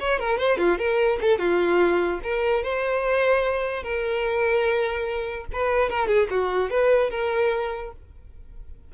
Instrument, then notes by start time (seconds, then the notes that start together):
violin
0.00 C#5
0.20 A#4
0.39 C5
0.58 F4
0.78 A#4
1.21 A4
1.39 F4
2.24 A#4
2.64 C5
3.83 A#4
5.53 B4
5.90 A#4
6.08 G#4
6.30 F#4
6.70 B4
7.11 A#4